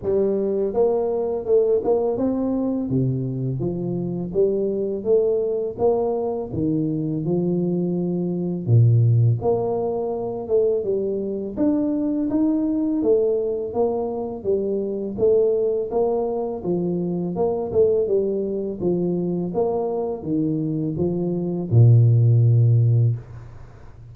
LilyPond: \new Staff \with { instrumentName = "tuba" } { \time 4/4 \tempo 4 = 83 g4 ais4 a8 ais8 c'4 | c4 f4 g4 a4 | ais4 dis4 f2 | ais,4 ais4. a8 g4 |
d'4 dis'4 a4 ais4 | g4 a4 ais4 f4 | ais8 a8 g4 f4 ais4 | dis4 f4 ais,2 | }